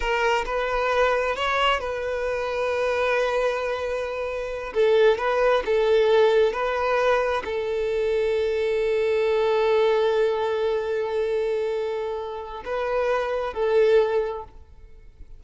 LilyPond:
\new Staff \with { instrumentName = "violin" } { \time 4/4 \tempo 4 = 133 ais'4 b'2 cis''4 | b'1~ | b'2~ b'8 a'4 b'8~ | b'8 a'2 b'4.~ |
b'8 a'2.~ a'8~ | a'1~ | a'1 | b'2 a'2 | }